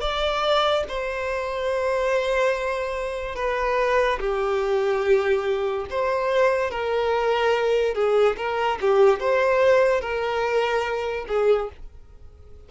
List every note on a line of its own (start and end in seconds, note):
0.00 0.83 D5
0.88 3.35 C5
3.35 4.19 B4
4.19 5.86 G4
5.90 6.70 C5
6.70 7.94 A#4
7.94 8.36 G#4
8.36 8.78 A#4
8.81 9.20 G4
9.20 10.01 C5
10.01 11.26 A#4
11.28 11.69 G#4